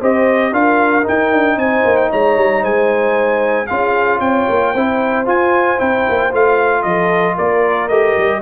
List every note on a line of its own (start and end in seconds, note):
0.00 0.53 C4
0.00 0.53 G4
0.00 0.53 C5
0.00 0.54 D#5
0.53 1.05 D4
0.53 1.03 F4
0.53 1.58 A#4
0.53 1.07 F5
1.03 3.66 D#4
1.03 1.59 G5
1.09 1.33 D#4
1.33 1.57 D4
1.57 1.84 C4
1.57 2.10 C5
1.57 1.97 G#5
1.85 2.12 A#3
1.97 2.10 G5
2.10 2.38 G#3
2.10 2.62 C#5
2.10 2.65 A#5
2.38 2.64 G3
2.62 3.69 G#3
2.62 3.67 C5
2.62 3.67 G#5
3.67 4.20 C#4
3.67 4.75 F4
3.67 4.21 G#4
3.67 4.20 F5
4.20 4.47 C4
4.20 4.73 C#5
4.20 5.26 G5
4.49 4.75 A#3
4.73 5.27 C4
4.73 5.26 E4
4.73 6.84 C5
5.26 5.78 F4
5.26 5.80 F4
5.26 5.80 G#5
5.78 6.08 C4
5.78 6.31 E4
5.78 6.33 G5
6.10 6.34 A#3
6.32 6.85 A3
6.32 7.90 F4
6.32 6.83 F5
6.83 7.38 F3
6.83 7.35 A4
6.83 7.36 D#5
7.35 7.90 A#3
7.35 8.41 A#4
7.35 7.89 D5
7.89 8.16 A3
7.89 8.42 G4
7.89 8.41 D#5
8.18 8.42 G3